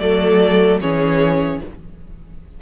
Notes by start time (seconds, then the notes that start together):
0.00 F#3 A3 A4 D5
0.81 E3 C#4 G#4 C#5